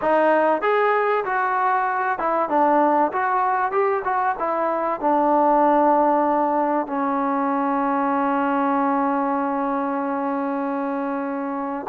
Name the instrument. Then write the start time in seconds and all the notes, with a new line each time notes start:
trombone
0.01 D#4
0.61 G#4
1.24 F#4
2.18 E4
2.49 D4
3.12 F#4
3.71 G4
4.04 F#4
4.38 E4
5.00 D4
6.86 C#4